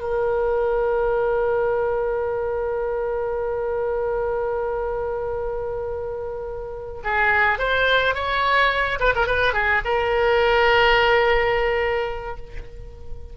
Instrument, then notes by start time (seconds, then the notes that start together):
oboe
0.00 A#4
7.04 G#4
7.59 C5
8.15 C#5
9.00 B4
9.15 A#4
9.27 B4
9.53 G#4
9.85 A#4